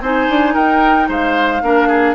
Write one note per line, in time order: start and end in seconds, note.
0.00 0.27 C4
0.00 1.63 D#4
0.00 0.53 C5
0.00 0.55 G#5
0.29 0.55 D4
0.53 1.08 D#4
0.53 1.07 A#4
0.53 1.08 G5
1.08 1.61 G#3
1.08 1.62 C5
1.08 2.15 F5
1.61 2.15 A#3
1.61 2.15 D4
1.61 1.87 A#4
1.87 2.14 G#4